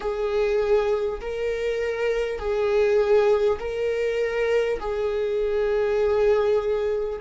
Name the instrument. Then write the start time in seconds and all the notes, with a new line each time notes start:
viola
0.00 G#4
1.21 A#4
2.38 G#4
3.59 A#4
4.79 G#4